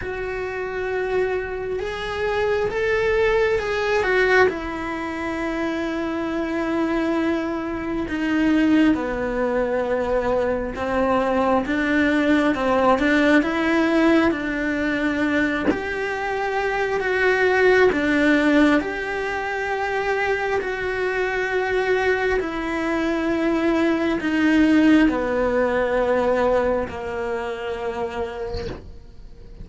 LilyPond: \new Staff \with { instrumentName = "cello" } { \time 4/4 \tempo 4 = 67 fis'2 gis'4 a'4 | gis'8 fis'8 e'2.~ | e'4 dis'4 b2 | c'4 d'4 c'8 d'8 e'4 |
d'4. g'4. fis'4 | d'4 g'2 fis'4~ | fis'4 e'2 dis'4 | b2 ais2 | }